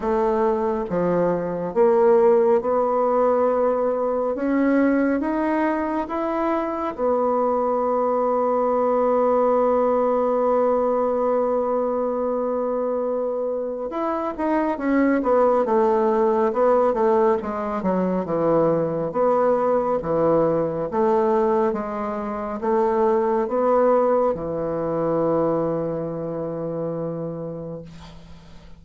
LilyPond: \new Staff \with { instrumentName = "bassoon" } { \time 4/4 \tempo 4 = 69 a4 f4 ais4 b4~ | b4 cis'4 dis'4 e'4 | b1~ | b1 |
e'8 dis'8 cis'8 b8 a4 b8 a8 | gis8 fis8 e4 b4 e4 | a4 gis4 a4 b4 | e1 | }